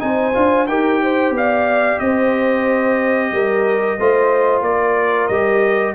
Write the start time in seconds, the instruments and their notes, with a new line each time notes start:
0.00 tuba C4, trombone D#4, horn C5, trumpet G#5
0.34 tuba D4, trombone F4
0.68 tuba D#4, trombone G4, horn A#4, trumpet G5
1.03 horn C5
1.31 tuba B3, horn D5
1.37 trumpet F5
2.00 tuba C4, horn C5, trumpet D#5
3.32 tuba G3, horn A#4
3.99 tuba A3, trombone F4, horn C5
4.62 tuba A#3, horn A#4, trumpet D5
5.28 tuba G3, trombone G4, trumpet D#5